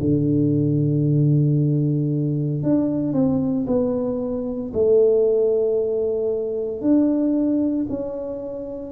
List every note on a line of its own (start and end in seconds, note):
0.00 2.63 D3
2.63 3.13 D4
3.13 3.66 C4
3.67 4.72 B3
4.74 6.81 A3
6.81 7.87 D4
7.89 8.92 C#4